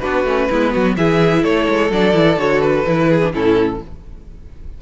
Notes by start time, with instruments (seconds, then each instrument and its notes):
0.00 cello B3, viola D4, violin F#4 B4
0.25 cello A3, viola C#4
0.50 cello G#3, viola B3, violin E4
0.73 cello F#3, violin F#4
0.97 cello E3, viola E4, violin G#4 E5
1.43 cello A3, violin A4 C#5
1.69 cello G#3
1.91 cello F#3, viola D4, violin D5
2.14 cello E3, viola E4
2.37 cello D3, viola F#4, violin C#5
2.62 violin B4
2.87 cello E3, viola E4
3.09 violin G#4
3.23 viola D4
3.33 cello A2, viola C#4, violin E4 A4